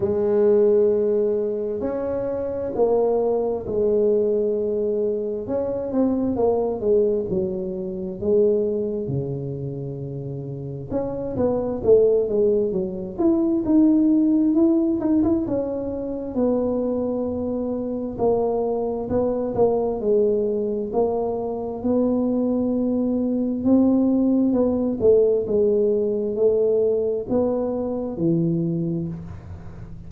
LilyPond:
\new Staff \with { instrumentName = "tuba" } { \time 4/4 \tempo 4 = 66 gis2 cis'4 ais4 | gis2 cis'8 c'8 ais8 gis8 | fis4 gis4 cis2 | cis'8 b8 a8 gis8 fis8 e'8 dis'4 |
e'8 dis'16 e'16 cis'4 b2 | ais4 b8 ais8 gis4 ais4 | b2 c'4 b8 a8 | gis4 a4 b4 e4 | }